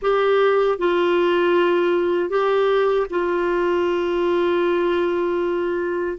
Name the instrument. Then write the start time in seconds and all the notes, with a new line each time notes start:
clarinet
0.01 G4
0.78 F4
2.29 G4
3.10 F4